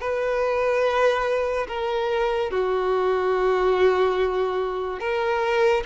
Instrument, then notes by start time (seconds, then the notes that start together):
violin
0.00 B4
1.67 A#4
2.51 F#4
5.00 A#4